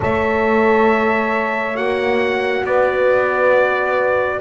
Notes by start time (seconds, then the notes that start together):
0.00 A3 A4 C#5 E5
1.75 A#3 F#4 F#5
2.64 B3 B4 D5